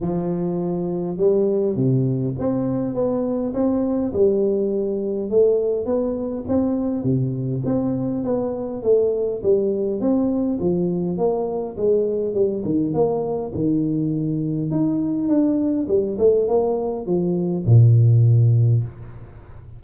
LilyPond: \new Staff \with { instrumentName = "tuba" } { \time 4/4 \tempo 4 = 102 f2 g4 c4 | c'4 b4 c'4 g4~ | g4 a4 b4 c'4 | c4 c'4 b4 a4 |
g4 c'4 f4 ais4 | gis4 g8 dis8 ais4 dis4~ | dis4 dis'4 d'4 g8 a8 | ais4 f4 ais,2 | }